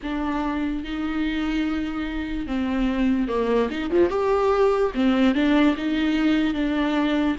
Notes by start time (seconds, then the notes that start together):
0.03 D4
0.84 D#4
2.47 C4
3.28 A#3
3.70 D#4
3.90 F3
4.09 G4
4.94 C4
5.34 D4
5.76 D#4
6.54 D4